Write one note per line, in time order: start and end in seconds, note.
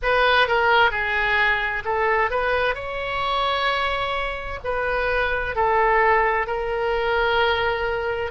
0.02 0.47 B4
0.47 0.90 A#4
0.90 1.83 G#4
1.85 2.30 A4
2.30 2.74 B4
2.74 4.59 C#5
4.64 5.55 B4
5.55 6.46 A4
6.46 8.31 A#4